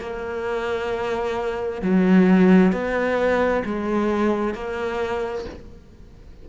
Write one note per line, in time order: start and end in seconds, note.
0.00 1.82 A#3
1.82 2.72 F#3
2.72 3.63 B3
3.65 4.54 G#3
4.54 5.45 A#3